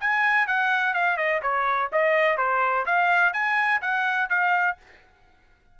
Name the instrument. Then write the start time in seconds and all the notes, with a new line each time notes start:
trumpet
0.00 G#5
0.47 F#5
0.94 F5
1.17 D#5
1.42 C#5
1.92 D#5
2.37 C5
2.85 F5
3.33 G#5
3.81 F#5
4.29 F5